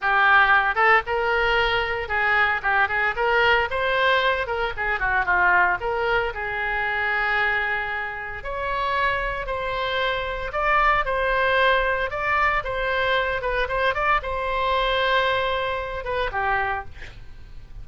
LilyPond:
\new Staff \with { instrumentName = "oboe" } { \time 4/4 \tempo 4 = 114 g'4. a'8 ais'2 | gis'4 g'8 gis'8 ais'4 c''4~ | c''8 ais'8 gis'8 fis'8 f'4 ais'4 | gis'1 |
cis''2 c''2 | d''4 c''2 d''4 | c''4. b'8 c''8 d''8 c''4~ | c''2~ c''8 b'8 g'4 | }